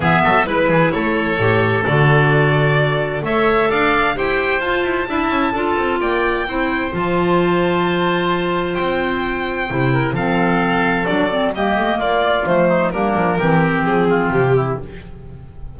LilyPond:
<<
  \new Staff \with { instrumentName = "violin" } { \time 4/4 \tempo 4 = 130 e''4 b'4 cis''2 | d''2. e''4 | f''4 g''4 a''2~ | a''4 g''2 a''4~ |
a''2. g''4~ | g''2 f''2 | d''4 dis''4 d''4 c''4 | ais'2 gis'4 g'4 | }
  \new Staff \with { instrumentName = "oboe" } { \time 4/4 gis'8 a'8 b'8 gis'8 a'2~ | a'2. cis''4 | d''4 c''2 e''4 | a'4 d''4 c''2~ |
c''1~ | c''4. ais'8 a'2~ | a'4 g'4 f'4. dis'8 | d'4 g'4. f'4 e'8 | }
  \new Staff \with { instrumentName = "clarinet" } { \time 4/4 b4 e'2 g'4 | fis'2. a'4~ | a'4 g'4 f'4 e'4 | f'2 e'4 f'4~ |
f'1~ | f'4 e'4 c'2 | d'8 c'8 ais2 a4 | ais4 c'2. | }
  \new Staff \with { instrumentName = "double bass" } { \time 4/4 e8 fis8 gis8 e8 a4 a,4 | d2. a4 | d'4 e'4 f'8 e'8 d'8 cis'8 | d'8 c'8 ais4 c'4 f4~ |
f2. c'4~ | c'4 c4 f2 | fis4 g8 a8 ais4 f4 | g8 f8 e4 f4 c4 | }
>>